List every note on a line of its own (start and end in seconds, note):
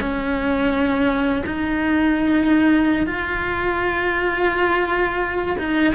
0.00 1.43 C#4
1.45 3.06 D#4
3.06 5.56 F4
5.58 5.94 D#4